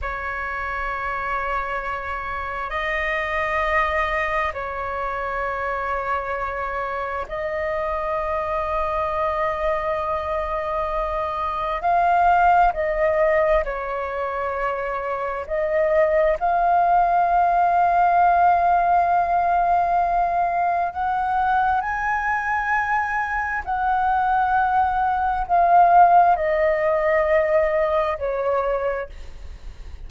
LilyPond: \new Staff \with { instrumentName = "flute" } { \time 4/4 \tempo 4 = 66 cis''2. dis''4~ | dis''4 cis''2. | dis''1~ | dis''4 f''4 dis''4 cis''4~ |
cis''4 dis''4 f''2~ | f''2. fis''4 | gis''2 fis''2 | f''4 dis''2 cis''4 | }